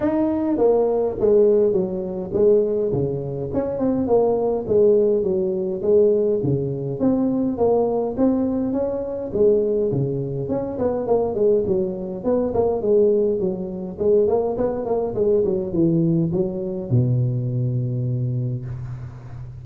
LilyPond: \new Staff \with { instrumentName = "tuba" } { \time 4/4 \tempo 4 = 103 dis'4 ais4 gis4 fis4 | gis4 cis4 cis'8 c'8 ais4 | gis4 fis4 gis4 cis4 | c'4 ais4 c'4 cis'4 |
gis4 cis4 cis'8 b8 ais8 gis8 | fis4 b8 ais8 gis4 fis4 | gis8 ais8 b8 ais8 gis8 fis8 e4 | fis4 b,2. | }